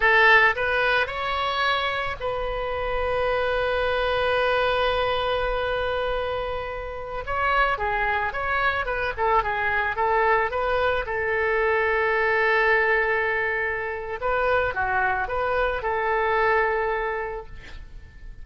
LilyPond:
\new Staff \with { instrumentName = "oboe" } { \time 4/4 \tempo 4 = 110 a'4 b'4 cis''2 | b'1~ | b'1~ | b'4~ b'16 cis''4 gis'4 cis''8.~ |
cis''16 b'8 a'8 gis'4 a'4 b'8.~ | b'16 a'2.~ a'8.~ | a'2 b'4 fis'4 | b'4 a'2. | }